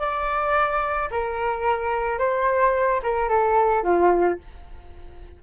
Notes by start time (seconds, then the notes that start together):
0.00 D5
1.11 A#4
2.19 C5
3.04 A#4
3.29 A4
3.84 F4